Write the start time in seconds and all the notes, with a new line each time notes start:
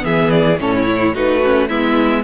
0.00 E3 B3 G#4 E5
0.31 D5
0.59 A2 C#4 A4 C#5
0.75 E4
0.87 E4
1.14 A3 D#4 F#4 B4
1.45 C#4
1.68 G#3 B3 E4 E5